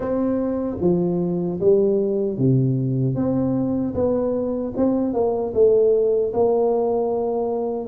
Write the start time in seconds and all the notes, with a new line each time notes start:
0.00 C4
0.80 F3
1.60 G3
2.37 C3
3.15 C4
3.94 B3
4.76 C4
5.13 A#3
5.53 A3
6.33 A#3